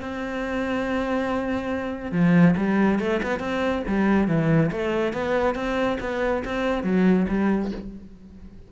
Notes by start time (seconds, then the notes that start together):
0.00 C4
2.12 F3
2.57 G3
2.99 A3
3.23 B3
3.40 C4
3.87 G3
4.28 E3
4.71 A3
5.13 B3
5.55 C4
6.00 B3
6.45 C4
6.84 F#3
7.29 G3